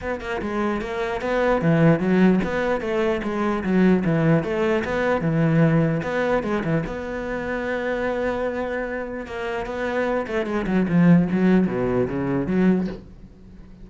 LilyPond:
\new Staff \with { instrumentName = "cello" } { \time 4/4 \tempo 4 = 149 b8 ais8 gis4 ais4 b4 | e4 fis4 b4 a4 | gis4 fis4 e4 a4 | b4 e2 b4 |
gis8 e8 b2.~ | b2. ais4 | b4. a8 gis8 fis8 f4 | fis4 b,4 cis4 fis4 | }